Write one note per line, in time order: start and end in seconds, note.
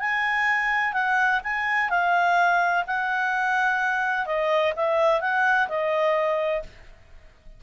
0.00 0.93 G#5
0.93 1.41 F#5
1.44 1.90 G#5
1.90 2.85 F5
2.87 4.26 F#5
4.26 4.74 D#5
4.77 5.21 E5
5.21 5.69 F#5
5.69 6.63 D#5